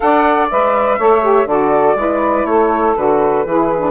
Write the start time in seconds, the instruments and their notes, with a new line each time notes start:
0.00 bassoon D4, saxophone A4 D5, flute F#5
0.50 bassoon G#3, saxophone B4, flute E5
0.98 bassoon A3, saxophone A4 C#5
1.21 saxophone G4
1.45 bassoon D3, saxophone F#4 A4, flute D5
1.95 bassoon G#3, saxophone E4 B4
2.44 bassoon A3, saxophone A4, flute C#5
2.96 bassoon D3, saxophone F#4, flute B4
3.45 bassoon E3, saxophone E4 G#4
3.79 saxophone D4